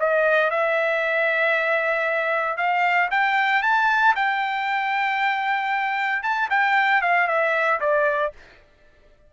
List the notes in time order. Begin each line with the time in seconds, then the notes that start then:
0.00 D#5
0.51 E5
2.58 F5
3.11 G5
3.63 A5
4.16 G5
6.23 A5
6.51 G5
7.02 F5
7.28 E5
7.81 D5